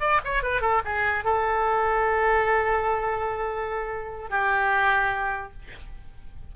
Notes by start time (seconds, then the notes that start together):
0.00 D5
0.24 C#5
0.43 B4
0.61 A4
0.85 G#4
1.24 A4
4.30 G4